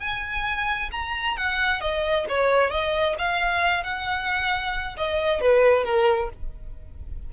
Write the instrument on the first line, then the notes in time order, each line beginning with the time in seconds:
violin
0.00 G#5
0.92 A#5
1.37 F#5
1.81 D#5
2.29 C#5
2.71 D#5
3.19 F5
3.84 F#5
4.97 D#5
5.41 B4
5.85 A#4